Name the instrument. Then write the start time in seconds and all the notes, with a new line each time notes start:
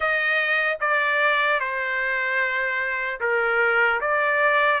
trumpet
0.00 D#5
0.80 D5
1.60 C5
3.20 A#4
4.00 D5